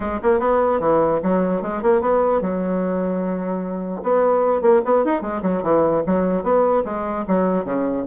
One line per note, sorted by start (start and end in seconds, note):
0.00 0.19 G#3
0.22 0.39 A#3
0.39 0.79 B3
0.80 1.20 E3
1.22 1.62 F#3
1.62 1.82 G#3
1.82 2.01 A#3
2.01 2.41 B3
2.41 4.02 F#3
4.02 4.61 B3
4.61 4.81 A#3
4.84 5.04 B3
5.04 5.21 D#4
5.21 5.41 G#3
5.42 5.62 F#3
5.63 6.03 E3
6.06 6.43 F#3
6.43 6.83 B3
6.85 7.25 G#3
7.27 7.64 F#3
7.64 8.04 C#3